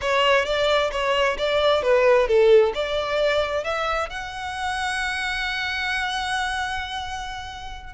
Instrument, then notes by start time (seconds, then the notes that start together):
violin
0.01 C#5
0.45 D5
0.91 C#5
1.38 D5
1.82 B4
2.27 A4
2.74 D5
3.64 E5
4.09 F#5